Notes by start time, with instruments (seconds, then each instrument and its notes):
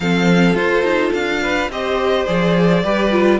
0.00 cello F3, viola C4, violin A4 F5
0.54 cello F4, viola F4, violin C5
0.82 cello D#4
1.13 cello D4, violin F5
1.42 violin B4
1.69 cello C4, viola G4, violin C5 D#5
2.26 cello F3, viola G#4, violin D5
2.83 cello G3, viola G4, violin B4
3.11 viola F4